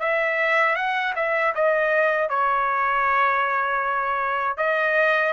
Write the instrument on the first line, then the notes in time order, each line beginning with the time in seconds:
trumpet
0.00 E5
0.76 F#5
1.16 E5
1.55 D#5
2.30 C#5
4.58 D#5